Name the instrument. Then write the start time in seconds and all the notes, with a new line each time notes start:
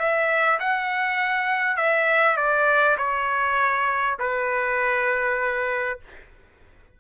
trumpet
0.00 E5
0.60 F#5
1.77 E5
2.37 D5
2.98 C#5
4.20 B4